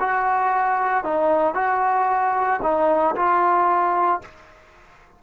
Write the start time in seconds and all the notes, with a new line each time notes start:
0.00 F#4
1.04 D#4
1.55 F#4
2.63 D#4
3.16 F4